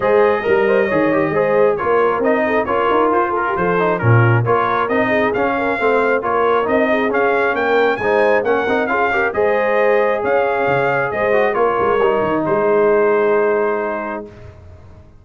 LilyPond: <<
  \new Staff \with { instrumentName = "trumpet" } { \time 4/4 \tempo 4 = 135 dis''1 | cis''4 dis''4 cis''4 c''8 ais'8 | c''4 ais'4 cis''4 dis''4 | f''2 cis''4 dis''4 |
f''4 g''4 gis''4 fis''4 | f''4 dis''2 f''4~ | f''4 dis''4 cis''2 | c''1 | }
  \new Staff \with { instrumentName = "horn" } { \time 4/4 c''4 ais'8 c''8 cis''4 c''4 | ais'4. a'8 ais'4. a'16 g'16 | a'4 f'4 ais'4. gis'8~ | gis'8 ais'8 c''4 ais'4. gis'8~ |
gis'4 ais'4 c''4 ais'4 | gis'8 ais'8 c''2 cis''4~ | cis''4 c''4 ais'2 | gis'1 | }
  \new Staff \with { instrumentName = "trombone" } { \time 4/4 gis'4 ais'4 gis'8 g'8 gis'4 | f'4 dis'4 f'2~ | f'8 dis'8 cis'4 f'4 dis'4 | cis'4 c'4 f'4 dis'4 |
cis'2 dis'4 cis'8 dis'8 | f'8 g'8 gis'2.~ | gis'4. fis'8 f'4 dis'4~ | dis'1 | }
  \new Staff \with { instrumentName = "tuba" } { \time 4/4 gis4 g4 dis4 gis4 | ais4 c'4 cis'8 dis'8 f'4 | f4 ais,4 ais4 c'4 | cis'4 a4 ais4 c'4 |
cis'4 ais4 gis4 ais8 c'8 | cis'4 gis2 cis'4 | cis4 gis4 ais8 gis8 g8 dis8 | gis1 | }
>>